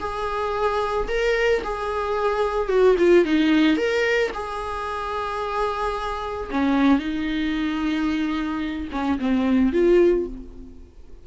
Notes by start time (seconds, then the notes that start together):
0.00 G#4
1.08 A#4
1.64 G#4
2.69 F#4
2.99 F4
3.25 D#4
3.77 A#4
4.34 G#4
6.51 C#4
6.99 D#4
8.92 C#4
9.19 C4
9.73 F4